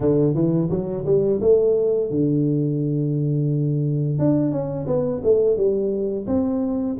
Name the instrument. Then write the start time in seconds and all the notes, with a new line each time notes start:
tuba
0.00 D3
0.34 E3
0.69 F#3
1.05 G3
1.41 A3
2.10 D3
4.19 D4
4.51 C#4
4.86 B3
5.23 A3
5.57 G3
6.27 C4